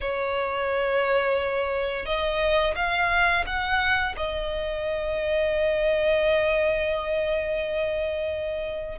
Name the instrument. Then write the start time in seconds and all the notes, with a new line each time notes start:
violin
0.00 C#5
2.05 D#5
2.75 F5
3.46 F#5
4.17 D#5